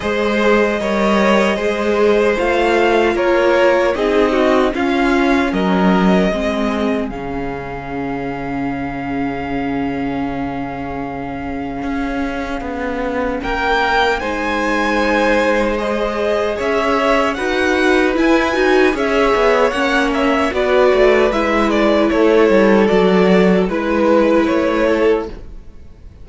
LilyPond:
<<
  \new Staff \with { instrumentName = "violin" } { \time 4/4 \tempo 4 = 76 dis''2. f''4 | cis''4 dis''4 f''4 dis''4~ | dis''4 f''2.~ | f''1~ |
f''4 g''4 gis''2 | dis''4 e''4 fis''4 gis''4 | e''4 fis''8 e''8 d''4 e''8 d''8 | cis''4 d''4 b'4 cis''4 | }
  \new Staff \with { instrumentName = "violin" } { \time 4/4 c''4 cis''4 c''2 | ais'4 gis'8 fis'8 f'4 ais'4 | gis'1~ | gis'1~ |
gis'4 ais'4 c''2~ | c''4 cis''4 b'2 | cis''2 b'2 | a'2 b'4. a'8 | }
  \new Staff \with { instrumentName = "viola" } { \time 4/4 gis'4 ais'4 gis'4 f'4~ | f'4 dis'4 cis'2 | c'4 cis'2.~ | cis'1~ |
cis'2 dis'2 | gis'2 fis'4 e'8 fis'8 | gis'4 cis'4 fis'4 e'4~ | e'4 fis'4 e'2 | }
  \new Staff \with { instrumentName = "cello" } { \time 4/4 gis4 g4 gis4 a4 | ais4 c'4 cis'4 fis4 | gis4 cis2.~ | cis2. cis'4 |
b4 ais4 gis2~ | gis4 cis'4 dis'4 e'8 dis'8 | cis'8 b8 ais4 b8 a8 gis4 | a8 g8 fis4 gis4 a4 | }
>>